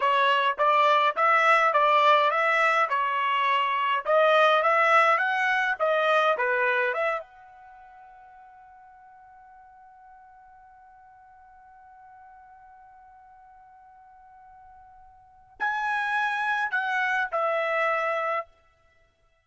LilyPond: \new Staff \with { instrumentName = "trumpet" } { \time 4/4 \tempo 4 = 104 cis''4 d''4 e''4 d''4 | e''4 cis''2 dis''4 | e''4 fis''4 dis''4 b'4 | e''8 fis''2.~ fis''8~ |
fis''1~ | fis''1~ | fis''2. gis''4~ | gis''4 fis''4 e''2 | }